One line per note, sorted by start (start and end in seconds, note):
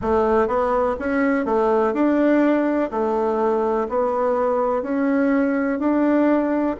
0.01 0.48 A3
0.48 0.96 B3
0.99 1.45 C#4
1.45 1.94 A3
1.94 2.90 D4
2.90 3.87 A3
3.88 4.82 B3
4.82 5.79 C#4
5.79 6.76 D4